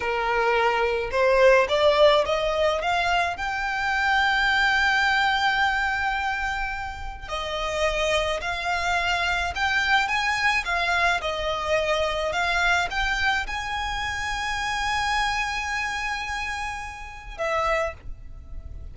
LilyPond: \new Staff \with { instrumentName = "violin" } { \time 4/4 \tempo 4 = 107 ais'2 c''4 d''4 | dis''4 f''4 g''2~ | g''1~ | g''4 dis''2 f''4~ |
f''4 g''4 gis''4 f''4 | dis''2 f''4 g''4 | gis''1~ | gis''2. e''4 | }